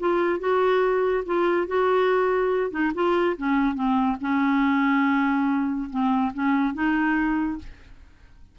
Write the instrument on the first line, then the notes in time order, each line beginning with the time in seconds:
clarinet
0.00 F4
0.40 F#4
1.26 F4
1.68 F#4
2.71 D#4
2.95 F4
3.37 C#4
3.75 C4
4.21 C#4
5.90 C4
6.34 C#4
6.74 D#4